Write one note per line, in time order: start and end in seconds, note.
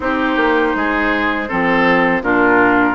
0.00 0.36 C4
0.00 1.47 D#4
0.00 0.76 G4
0.00 2.23 C5
0.36 0.73 A#3
0.75 1.49 G#3
0.75 1.48 G#4
1.48 2.21 F3
1.48 2.22 C4
1.48 2.22 A4
2.21 2.94 A#2
2.21 2.94 D4
2.21 2.94 F4
2.21 2.94 A#4